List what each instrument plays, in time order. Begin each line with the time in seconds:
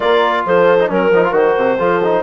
0.00 bassoon A#3, trombone F4, horn A#4, clarinet D5
0.45 bassoon F3, horn A4, clarinet C5
0.80 trombone D#4
0.88 bassoon F#3, trombone C#4, horn A#4, clarinet A#4
1.11 bassoon F3, trombone D#4
1.24 trombone F4
1.31 bassoon D#3, trombone F#4, clarinet C5
1.56 bassoon C3
1.77 bassoon F3, trombone F4, horn A4
2.04 trombone D#4